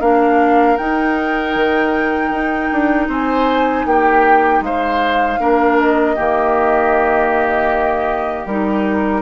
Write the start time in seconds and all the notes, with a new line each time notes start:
0.00 A#3 D4 A#4 F5
0.76 D#4 G5
1.54 D#3
2.30 D#4
2.72 D4
3.07 C4 C5 G#5
3.85 A#3 G4 G5
4.60 G#3 C5 F5
5.39 A#3 D4 A#4
5.78 D#5
6.15 D#3 A#3 G4
8.45 G3 D#4 A#4